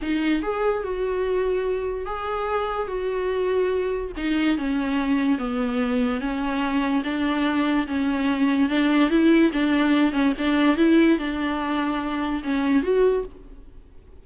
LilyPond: \new Staff \with { instrumentName = "viola" } { \time 4/4 \tempo 4 = 145 dis'4 gis'4 fis'2~ | fis'4 gis'2 fis'4~ | fis'2 dis'4 cis'4~ | cis'4 b2 cis'4~ |
cis'4 d'2 cis'4~ | cis'4 d'4 e'4 d'4~ | d'8 cis'8 d'4 e'4 d'4~ | d'2 cis'4 fis'4 | }